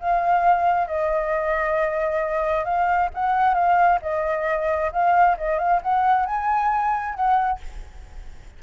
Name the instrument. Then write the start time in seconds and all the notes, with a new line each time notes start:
flute
0.00 F5
0.88 D#5
2.65 F5
3.14 F#5
3.54 F5
4.02 D#5
4.92 F5
5.38 D#5
5.59 F5
5.82 F#5
6.26 G#5
7.15 F#5